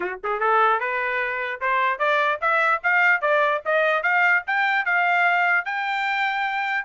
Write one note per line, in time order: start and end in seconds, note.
0.00 0.18 F#4
0.23 0.40 G#4
0.40 0.80 A4
0.80 1.60 B4
1.60 1.99 C5
1.99 2.39 D5
2.41 2.81 E5
2.83 3.21 F5
3.21 3.61 D5
3.65 4.02 D#5
4.02 4.43 F5
4.46 4.85 G5
4.85 5.65 F5
5.65 6.85 G5